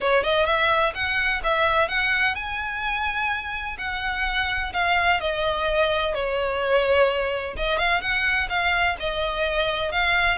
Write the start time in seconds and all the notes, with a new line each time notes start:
0.00 C#5
0.23 D#5
0.45 E5
0.94 F#5
1.43 E5
1.88 F#5
2.35 G#5
3.78 F#5
4.73 F5
5.20 D#5
6.14 C#5
7.56 D#5
7.78 F5
8.01 F#5
8.49 F5
8.99 D#5
9.91 F5